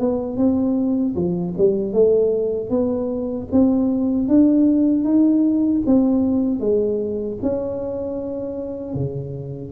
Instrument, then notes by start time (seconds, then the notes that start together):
tuba
0.00 B3
0.37 C4
1.15 F3
1.58 G3
1.93 A3
2.70 B3
3.52 C4
4.29 D4
5.04 D#4
5.87 C4
6.60 G#3
7.42 C#4
8.94 C#3